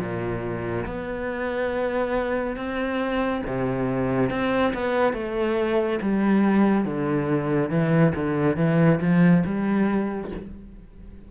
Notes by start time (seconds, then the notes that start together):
0.00 A#2
0.86 B3
2.56 C4
3.46 C3
4.30 C4
4.74 B3
5.14 A3
6.02 G3
6.85 D3
7.70 E3
8.15 D3
8.57 E3
9.01 F3
9.46 G3